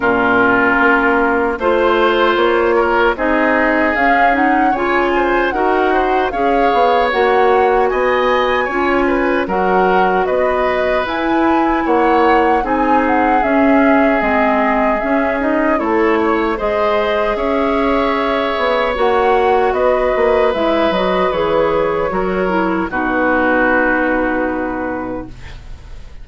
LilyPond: <<
  \new Staff \with { instrumentName = "flute" } { \time 4/4 \tempo 4 = 76 ais'2 c''4 cis''4 | dis''4 f''8 fis''8 gis''4 fis''4 | f''4 fis''4 gis''2 | fis''4 dis''4 gis''4 fis''4 |
gis''8 fis''8 e''4 dis''4 e''8 dis''8 | cis''4 dis''4 e''2 | fis''4 dis''4 e''8 dis''8 cis''4~ | cis''4 b'2. | }
  \new Staff \with { instrumentName = "oboe" } { \time 4/4 f'2 c''4. ais'8 | gis'2 cis''8 c''8 ais'8 c''8 | cis''2 dis''4 cis''8 b'8 | ais'4 b'2 cis''4 |
gis'1 | a'8 cis''8 c''4 cis''2~ | cis''4 b'2. | ais'4 fis'2. | }
  \new Staff \with { instrumentName = "clarinet" } { \time 4/4 cis'2 f'2 | dis'4 cis'8 dis'8 f'4 fis'4 | gis'4 fis'2 f'4 | fis'2 e'2 |
dis'4 cis'4 c'4 cis'8 dis'8 | e'4 gis'2. | fis'2 e'8 fis'8 gis'4 | fis'8 e'8 dis'2. | }
  \new Staff \with { instrumentName = "bassoon" } { \time 4/4 ais,4 ais4 a4 ais4 | c'4 cis'4 cis4 dis'4 | cis'8 b8 ais4 b4 cis'4 | fis4 b4 e'4 ais4 |
c'4 cis'4 gis4 cis'4 | a4 gis4 cis'4. b8 | ais4 b8 ais8 gis8 fis8 e4 | fis4 b,2. | }
>>